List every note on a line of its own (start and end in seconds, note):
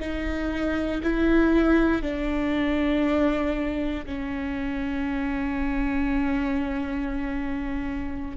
0.00 1.02 D#4
1.03 2.02 E4
2.02 4.06 D4
4.06 8.38 C#4